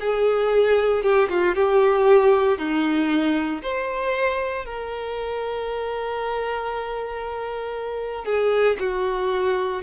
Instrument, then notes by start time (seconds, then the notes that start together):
violin
0.00 G#4
1.03 G4
1.29 F4
1.55 G4
2.59 D#4
3.62 C5
4.66 A#4
8.25 G#4
8.79 F#4